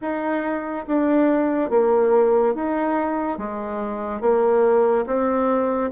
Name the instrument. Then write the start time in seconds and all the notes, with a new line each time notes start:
bassoon
0.01 D#4
0.87 D4
1.70 A#3
2.54 D#4
3.38 G#3
4.20 A#3
5.06 C4